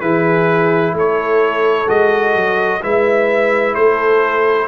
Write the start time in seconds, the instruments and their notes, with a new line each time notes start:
0.00 tuba E3, trombone E4, horn G#4, trumpet B4
0.93 tuba A3, horn A4, trumpet C#5
1.87 tuba G#3, trombone F#4, trumpet D#5
2.34 tuba F#3
2.82 tuba G#3, trombone E4, horn B4, trumpet E5
3.74 tuba A3, horn A4, trumpet C5